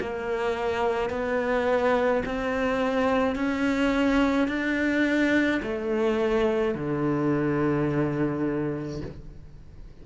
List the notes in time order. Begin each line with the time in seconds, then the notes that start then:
0.00 A#3
1.10 B3
2.25 C4
3.35 C#4
4.47 D4
5.62 A3
6.74 D3